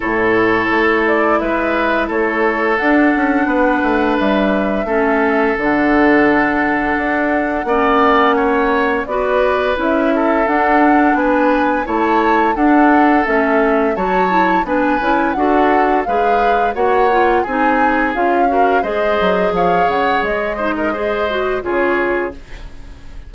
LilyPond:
<<
  \new Staff \with { instrumentName = "flute" } { \time 4/4 \tempo 4 = 86 cis''4. d''8 e''4 cis''4 | fis''2 e''2 | fis''1~ | fis''4 d''4 e''4 fis''4 |
gis''4 a''4 fis''4 e''4 | a''4 gis''4 fis''4 f''4 | fis''4 gis''4 f''4 dis''4 | f''8 fis''8 dis''2 cis''4 | }
  \new Staff \with { instrumentName = "oboe" } { \time 4/4 a'2 b'4 a'4~ | a'4 b'2 a'4~ | a'2. d''4 | cis''4 b'4. a'4. |
b'4 cis''4 a'2 | cis''4 b'4 a'4 b'4 | cis''4 gis'4. ais'8 c''4 | cis''4. c''16 ais'16 c''4 gis'4 | }
  \new Staff \with { instrumentName = "clarinet" } { \time 4/4 e'1 | d'2. cis'4 | d'2. cis'4~ | cis'4 fis'4 e'4 d'4~ |
d'4 e'4 d'4 cis'4 | fis'8 e'8 d'8 e'8 fis'4 gis'4 | fis'8 f'8 dis'4 f'8 fis'8 gis'4~ | gis'4. dis'8 gis'8 fis'8 f'4 | }
  \new Staff \with { instrumentName = "bassoon" } { \time 4/4 a,4 a4 gis4 a4 | d'8 cis'8 b8 a8 g4 a4 | d2 d'4 ais4~ | ais4 b4 cis'4 d'4 |
b4 a4 d'4 a4 | fis4 b8 cis'8 d'4 gis4 | ais4 c'4 cis'4 gis8 fis8 | f8 cis8 gis2 cis4 | }
>>